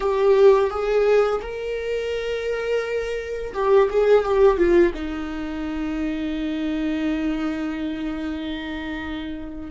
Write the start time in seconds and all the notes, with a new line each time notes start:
0.00 G4
0.70 G#4
1.41 A#4
3.53 G4
3.90 G#4
4.24 G4
4.57 F4
4.94 D#4